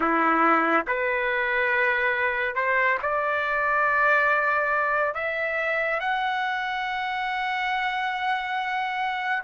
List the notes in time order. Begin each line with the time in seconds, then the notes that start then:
0.00 E4
0.87 B4
2.55 C5
3.02 D5
5.14 E5
6.00 F#5